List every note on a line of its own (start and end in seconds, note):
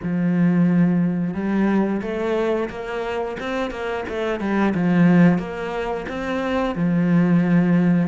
0.02 1.34 F3
1.34 2.01 G3
2.01 2.69 A3
2.69 3.37 A#3
3.39 3.70 C4
3.70 4.04 A#3
4.08 4.40 A3
4.40 4.73 G3
4.74 5.38 F3
5.38 6.06 A#3
6.08 6.75 C4
6.75 8.07 F3